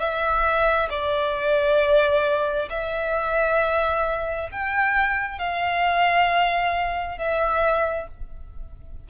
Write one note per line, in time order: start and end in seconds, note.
0.00 0.90 E5
0.90 2.69 D5
2.70 4.49 E5
4.52 5.39 G5
5.39 7.18 F5
7.18 8.08 E5